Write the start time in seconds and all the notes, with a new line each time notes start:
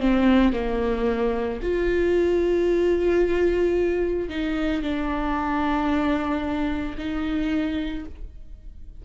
0.00 C4
0.53 A#3
1.62 F4
4.29 D#4
4.82 D4
6.98 D#4